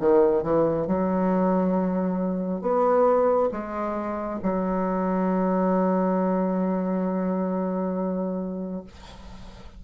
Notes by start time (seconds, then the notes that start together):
0.00 D#3
0.43 E3
0.87 F#3
2.61 B3
3.52 G#3
4.43 F#3